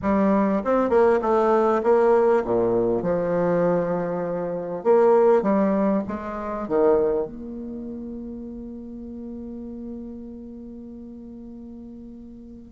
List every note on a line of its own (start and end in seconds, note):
0.02 0.62 G3
0.64 0.89 C4
0.89 1.19 A#3
1.21 1.82 A3
1.83 2.43 A#3
2.44 3.02 A#2
3.02 4.83 F3
4.83 5.42 A#3
5.42 6.02 G3
6.07 6.68 G#3
6.68 7.26 D#3
7.26 12.71 A#3